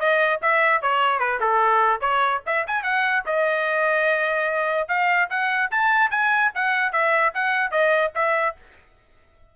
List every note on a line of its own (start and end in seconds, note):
0.00 0.41 D#5
0.42 0.83 E5
0.83 1.20 C#5
1.20 1.40 B4
1.41 2.01 A4
2.01 2.42 C#5
2.47 2.67 E5
2.68 2.84 G#5
2.84 3.24 F#5
3.26 4.88 D#5
4.88 5.29 F5
5.30 5.71 F#5
5.72 6.11 A5
6.11 6.52 G#5
6.55 6.93 F#5
6.93 7.34 E5
7.35 7.72 F#5
7.72 8.12 D#5
8.16 8.56 E5